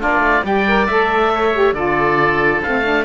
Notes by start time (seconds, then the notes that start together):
0.00 A#3 D4 F4 D5
0.20 A3
0.45 G3 G4 D5 G5
0.68 A#4
0.88 A3 A4 E5
1.35 C#5
1.54 G4
1.73 D3 F4 A4 D5
2.63 A3 C4 F5
2.84 D4